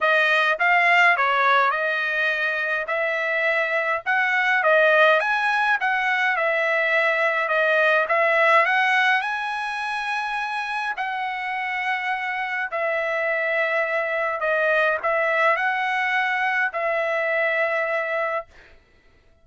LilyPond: \new Staff \with { instrumentName = "trumpet" } { \time 4/4 \tempo 4 = 104 dis''4 f''4 cis''4 dis''4~ | dis''4 e''2 fis''4 | dis''4 gis''4 fis''4 e''4~ | e''4 dis''4 e''4 fis''4 |
gis''2. fis''4~ | fis''2 e''2~ | e''4 dis''4 e''4 fis''4~ | fis''4 e''2. | }